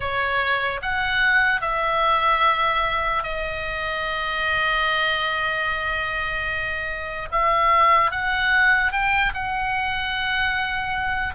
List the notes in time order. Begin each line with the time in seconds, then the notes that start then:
0.00 C#5
0.81 F#5
1.61 E5
3.22 D#5
7.31 E5
8.11 F#5
8.92 G5
9.34 F#5